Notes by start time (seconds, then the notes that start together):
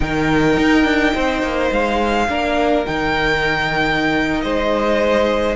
0.00 D#3 D#4 A#4 G5
0.57 D#4
0.84 D4
1.13 C4 C5
1.42 A#3
1.71 G#3 F5
2.28 A#3 D4 A#4
2.85 D#3 D#4 G5
4.41 G#3 C5 D#5